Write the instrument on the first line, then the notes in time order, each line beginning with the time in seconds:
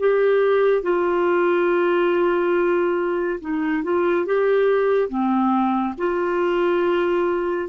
clarinet
0.00 G4
0.83 F4
3.41 D#4
3.84 F4
4.26 G4
5.10 C4
5.98 F4